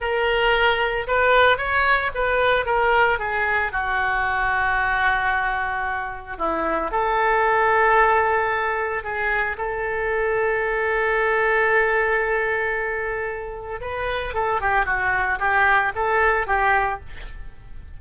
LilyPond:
\new Staff \with { instrumentName = "oboe" } { \time 4/4 \tempo 4 = 113 ais'2 b'4 cis''4 | b'4 ais'4 gis'4 fis'4~ | fis'1 | e'4 a'2.~ |
a'4 gis'4 a'2~ | a'1~ | a'2 b'4 a'8 g'8 | fis'4 g'4 a'4 g'4 | }